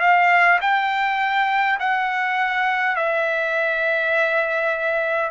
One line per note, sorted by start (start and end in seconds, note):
0.00 0.59 F5
0.61 1.79 G5
1.79 2.96 F#5
2.96 5.31 E5